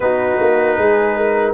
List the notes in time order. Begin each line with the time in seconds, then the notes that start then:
0.00 B3 D#4 F#4 B4
0.40 A#3
0.77 G#3 G#4
1.17 A#4